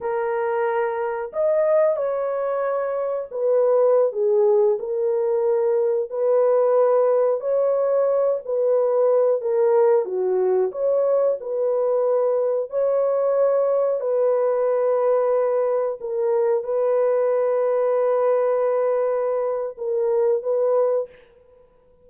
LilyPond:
\new Staff \with { instrumentName = "horn" } { \time 4/4 \tempo 4 = 91 ais'2 dis''4 cis''4~ | cis''4 b'4~ b'16 gis'4 ais'8.~ | ais'4~ ais'16 b'2 cis''8.~ | cis''8. b'4. ais'4 fis'8.~ |
fis'16 cis''4 b'2 cis''8.~ | cis''4~ cis''16 b'2~ b'8.~ | b'16 ais'4 b'2~ b'8.~ | b'2 ais'4 b'4 | }